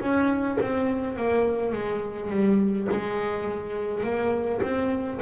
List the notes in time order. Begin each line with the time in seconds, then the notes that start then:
0.00 C#4
0.61 C4
1.16 A#3
1.73 G#3
2.30 G3
2.91 G#3
4.04 A#3
4.62 C4